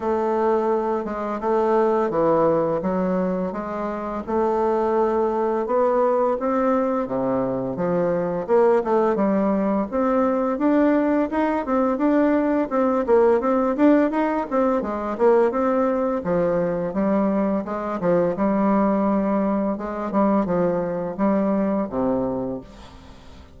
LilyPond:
\new Staff \with { instrumentName = "bassoon" } { \time 4/4 \tempo 4 = 85 a4. gis8 a4 e4 | fis4 gis4 a2 | b4 c'4 c4 f4 | ais8 a8 g4 c'4 d'4 |
dis'8 c'8 d'4 c'8 ais8 c'8 d'8 | dis'8 c'8 gis8 ais8 c'4 f4 | g4 gis8 f8 g2 | gis8 g8 f4 g4 c4 | }